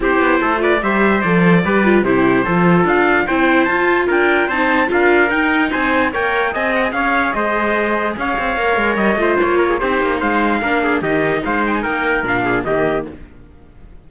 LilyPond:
<<
  \new Staff \with { instrumentName = "trumpet" } { \time 4/4 \tempo 4 = 147 c''4. d''8 e''4 d''4~ | d''4 c''2 f''4 | g''4 a''4 g''4 a''4 | f''4 g''4 gis''4 g''4 |
gis''8 fis''16 gis''16 f''4 dis''2 | f''2 dis''4 cis''4 | c''4 f''2 dis''4 | f''8 g''16 gis''16 g''4 f''4 dis''4 | }
  \new Staff \with { instrumentName = "trumpet" } { \time 4/4 g'4 a'8 b'8 c''2 | b'4 g'4 a'2 | c''2 ais'4 c''4 | ais'2 c''4 cis''4 |
dis''4 cis''4 c''2 | cis''2~ cis''8 c''4 ais'16 gis'16 | g'4 c''4 ais'8 gis'8 g'4 | c''4 ais'4. gis'8 g'4 | }
  \new Staff \with { instrumentName = "viola" } { \time 4/4 e'4. f'8 g'4 a'4 | g'8 f'8 e'4 f'2 | e'4 f'2 dis'4 | f'4 dis'2 ais'4 |
gis'1~ | gis'4 ais'4. f'4. | dis'2 d'4 dis'4~ | dis'2 d'4 ais4 | }
  \new Staff \with { instrumentName = "cello" } { \time 4/4 c'8 b8 a4 g4 f4 | g4 c4 f4 d'4 | c'4 f'4 d'4 c'4 | d'4 dis'4 c'4 ais4 |
c'4 cis'4 gis2 | cis'8 c'8 ais8 gis8 g8 a8 ais4 | c'8 ais8 gis4 ais4 dis4 | gis4 ais4 ais,4 dis4 | }
>>